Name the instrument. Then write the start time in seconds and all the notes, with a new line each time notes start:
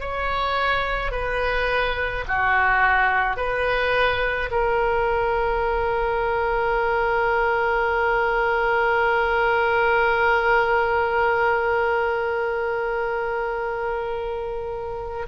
oboe
0.00 C#5
1.12 B4
2.28 F#4
3.37 B4
4.51 A#4